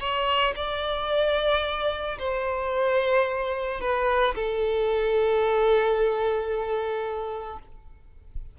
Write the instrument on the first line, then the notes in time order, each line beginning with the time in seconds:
violin
0.00 C#5
0.56 D5
2.19 C5
3.81 B4
4.35 A4